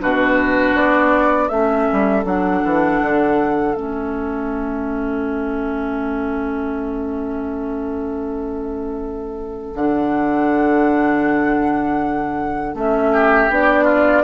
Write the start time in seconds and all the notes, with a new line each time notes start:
0.00 B2 D4 F#4 B4
0.75 B3 D5
1.48 A3 C#4 A4 E5
1.93 G3
2.25 F#3 D4 F#5
2.65 E3
3.01 D3
3.75 A3 C#4 E5
9.75 D3 D4 F#5
12.75 A3 C#4 E5
13.13 G4
13.50 B3 D4 D5
13.85 F4